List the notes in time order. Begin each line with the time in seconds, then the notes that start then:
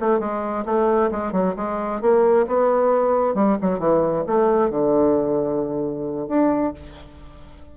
0.00 A3
0.20 G#3
0.66 A3
1.11 G#3
1.32 F#3
1.56 G#3
2.02 A#3
2.47 B3
3.35 G3
3.62 F#3
3.79 E3
4.27 A3
4.71 D3
6.28 D4